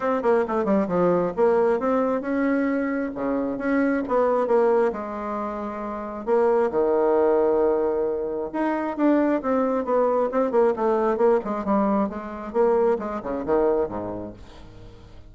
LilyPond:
\new Staff \with { instrumentName = "bassoon" } { \time 4/4 \tempo 4 = 134 c'8 ais8 a8 g8 f4 ais4 | c'4 cis'2 cis4 | cis'4 b4 ais4 gis4~ | gis2 ais4 dis4~ |
dis2. dis'4 | d'4 c'4 b4 c'8 ais8 | a4 ais8 gis8 g4 gis4 | ais4 gis8 cis8 dis4 gis,4 | }